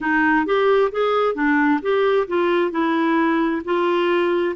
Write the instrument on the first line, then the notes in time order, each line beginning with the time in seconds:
clarinet
0.00 D#4
0.45 G4
0.91 G#4
1.34 D4
1.81 G4
2.27 F4
2.71 E4
3.64 F4